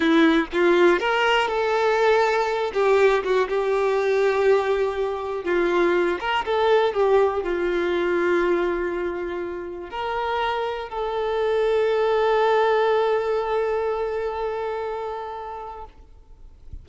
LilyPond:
\new Staff \with { instrumentName = "violin" } { \time 4/4 \tempo 4 = 121 e'4 f'4 ais'4 a'4~ | a'4. g'4 fis'8 g'4~ | g'2. f'4~ | f'8 ais'8 a'4 g'4 f'4~ |
f'1 | ais'2 a'2~ | a'1~ | a'1 | }